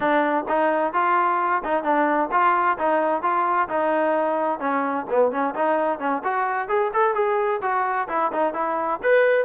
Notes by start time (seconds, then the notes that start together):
0.00 D4
0.48 D#4
0.93 F4
1.63 D#4
1.83 D4
2.31 F4
2.78 D#4
3.22 F4
3.69 D#4
4.59 C#4
5.10 B3
5.31 C#4
5.54 D#4
5.99 C#4
6.23 F#4
6.68 G#4
6.93 A4
7.14 G#4
7.62 F#4
8.08 E4
8.32 D#4
8.53 E4
9.02 B4